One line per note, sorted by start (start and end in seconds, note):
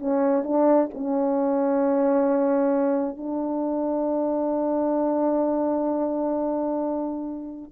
0.00 0.44 C#4
0.44 0.89 D4
0.94 3.18 C#4
3.18 7.72 D4